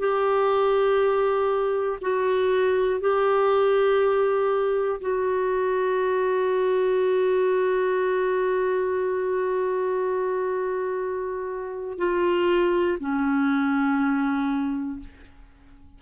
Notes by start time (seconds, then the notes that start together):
0.00 G4
2.01 F#4
3.01 G4
5.01 F#4
11.99 F4
13.00 C#4